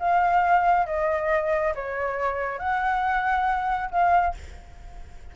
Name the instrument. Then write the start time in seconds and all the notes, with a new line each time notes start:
flute
0.00 F5
0.87 D#5
1.75 C#5
2.59 F#5
3.91 F5